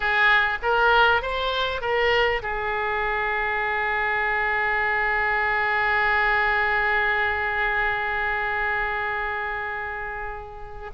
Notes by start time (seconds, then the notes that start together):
0.00 G#4
0.62 A#4
1.21 C5
1.81 A#4
2.42 G#4